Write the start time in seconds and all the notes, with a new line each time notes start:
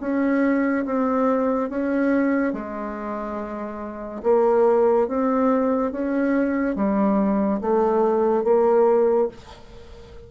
0.00 C#4
0.85 C4
1.69 C#4
2.52 G#3
4.23 A#3
5.07 C4
5.92 C#4
6.75 G3
7.61 A3
8.44 A#3